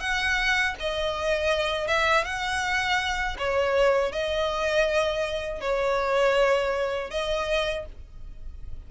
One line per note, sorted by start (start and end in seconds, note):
0.00 0.75 F#5
0.79 1.87 D#5
1.87 2.24 E5
2.24 3.37 F#5
3.38 4.12 C#5
4.12 5.60 D#5
5.60 7.10 C#5
7.10 7.85 D#5